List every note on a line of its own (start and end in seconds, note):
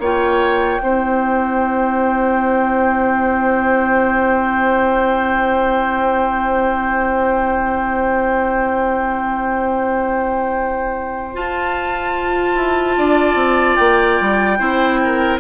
0.00 0.81 A#3
0.00 0.81 F4
0.00 0.82 C#5
0.00 11.36 G5
0.81 11.36 C4
0.81 11.34 E4
0.81 12.98 C5
11.34 14.58 F4
11.34 12.56 F4
11.34 13.76 A5
12.56 12.96 E4
12.98 13.35 D4
12.98 14.59 D5
13.35 13.76 C4
13.76 14.20 A#3
13.76 15.38 G5
14.21 14.60 G3
14.59 15.40 C4
14.59 15.40 E4
14.59 15.00 C5
15.04 15.40 A#4